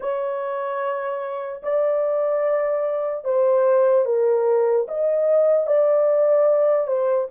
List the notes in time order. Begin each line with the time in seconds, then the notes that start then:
0.00 C#5
1.62 D5
3.24 C5
4.05 A#4
4.88 D#5
5.66 D5
6.87 C5